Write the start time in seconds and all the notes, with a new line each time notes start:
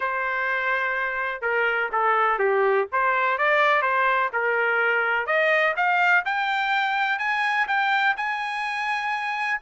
0.00 C5
1.41 A#4
1.92 A4
2.38 G4
2.91 C5
3.38 D5
3.81 C5
4.32 A#4
5.26 D#5
5.76 F5
6.25 G5
7.18 G#5
7.67 G5
8.16 G#5